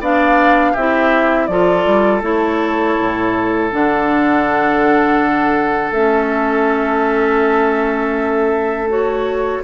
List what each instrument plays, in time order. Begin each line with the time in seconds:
0.00 bassoon B3, clarinet D4, oboe D5, flute F5
0.72 bassoon C4, oboe G4, flute E5
0.78 clarinet E4
1.47 bassoon F3, clarinet F4, oboe A4, flute D5
1.85 bassoon G3
2.22 bassoon A3, clarinet E4, flute C#5
2.99 bassoon A2
3.70 bassoon D3, clarinet D4, flute F#5
5.91 bassoon A3, clarinet C#4, flute E5
8.89 clarinet F#4, flute C#5